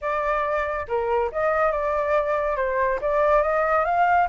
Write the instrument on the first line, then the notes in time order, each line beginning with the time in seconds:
flute
0.01 D5
0.87 A#4
1.32 D#5
1.71 D5
2.56 C5
3.01 D5
3.42 D#5
3.85 F5